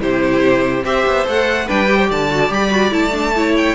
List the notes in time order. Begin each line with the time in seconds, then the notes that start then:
0.00 C3 E4 G4 C5
0.83 C4 G4 C5 E5
1.06 B3
1.25 A3 A4 F#5
1.66 G3 D4 B4 G5
1.87 G4
1.96 C5
2.08 D3 D5 A5
2.30 F#4
2.48 G3 G4 B5
2.71 F#4
2.90 A3 E4 A5
3.11 D4
3.35 E4 C#5
3.56 G5